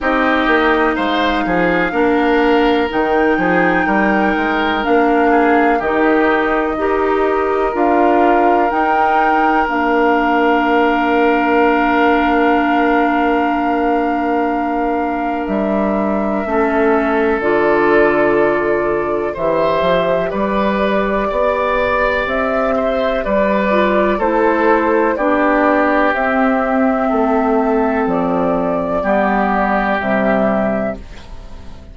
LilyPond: <<
  \new Staff \with { instrumentName = "flute" } { \time 4/4 \tempo 4 = 62 dis''4 f''2 g''4~ | g''4 f''4 dis''2 | f''4 g''4 f''2~ | f''1 |
e''2 d''2 | e''4 d''2 e''4 | d''4 c''4 d''4 e''4~ | e''4 d''2 e''4 | }
  \new Staff \with { instrumentName = "oboe" } { \time 4/4 g'4 c''8 gis'8 ais'4. gis'8 | ais'4. gis'8 g'4 ais'4~ | ais'1~ | ais'1~ |
ais'4 a'2. | c''4 b'4 d''4. c''8 | b'4 a'4 g'2 | a'2 g'2 | }
  \new Staff \with { instrumentName = "clarinet" } { \time 4/4 dis'2 d'4 dis'4~ | dis'4 d'4 dis'4 g'4 | f'4 dis'4 d'2~ | d'1~ |
d'4 cis'4 f'2 | g'1~ | g'8 f'8 e'4 d'4 c'4~ | c'2 b4 g4 | }
  \new Staff \with { instrumentName = "bassoon" } { \time 4/4 c'8 ais8 gis8 f8 ais4 dis8 f8 | g8 gis8 ais4 dis4 dis'4 | d'4 dis'4 ais2~ | ais1 |
g4 a4 d2 | e8 f8 g4 b4 c'4 | g4 a4 b4 c'4 | a4 f4 g4 c4 | }
>>